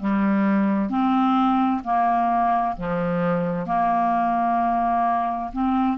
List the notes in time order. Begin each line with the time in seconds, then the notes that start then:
0.00 G3
0.90 C4
1.84 A#3
2.77 F3
3.67 A#3
5.53 C4